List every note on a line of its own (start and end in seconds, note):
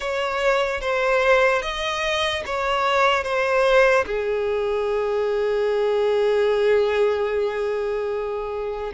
0.00 0.81 C#5
0.81 1.62 C5
1.62 2.43 D#5
2.45 3.23 C#5
3.23 4.04 C5
4.05 8.92 G#4